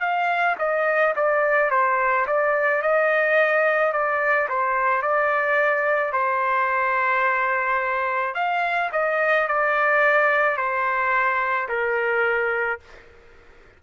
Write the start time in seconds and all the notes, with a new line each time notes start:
0.00 F5
0.59 D#5
1.16 D5
1.70 C5
2.27 D5
2.82 D#5
3.92 D5
4.49 C5
5.02 D5
6.12 C5
8.34 F5
8.92 D#5
9.47 D5
10.57 C5
11.69 A#4